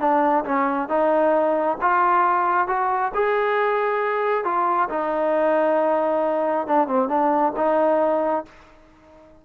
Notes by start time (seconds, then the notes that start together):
0.00 D4
0.45 C#4
0.89 D#4
1.81 F4
2.67 F#4
3.14 G#4
4.45 F4
4.89 D#4
6.67 D4
6.88 C4
7.08 D4
7.56 D#4